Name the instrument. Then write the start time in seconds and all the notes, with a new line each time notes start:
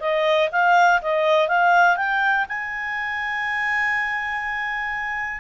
clarinet
0.00 D#5
0.52 F5
1.02 D#5
1.48 F5
1.96 G5
2.49 G#5